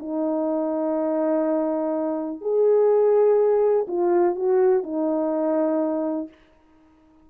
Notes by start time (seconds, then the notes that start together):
0.00 D#4
2.42 G#4
3.88 F4
4.36 F#4
4.84 D#4